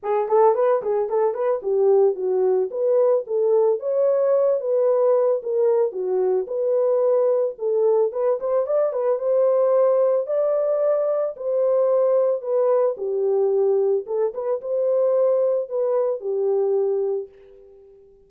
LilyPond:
\new Staff \with { instrumentName = "horn" } { \time 4/4 \tempo 4 = 111 gis'8 a'8 b'8 gis'8 a'8 b'8 g'4 | fis'4 b'4 a'4 cis''4~ | cis''8 b'4. ais'4 fis'4 | b'2 a'4 b'8 c''8 |
d''8 b'8 c''2 d''4~ | d''4 c''2 b'4 | g'2 a'8 b'8 c''4~ | c''4 b'4 g'2 | }